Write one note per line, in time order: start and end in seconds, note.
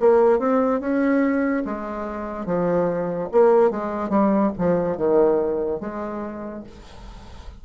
0.00 0.39 A#3
0.39 0.80 C4
0.80 1.64 C#4
1.66 2.46 G#3
2.46 3.30 F3
3.32 3.71 A#3
3.71 4.10 G#3
4.10 4.52 G3
4.58 4.97 F3
4.97 5.80 D#3
5.80 6.64 G#3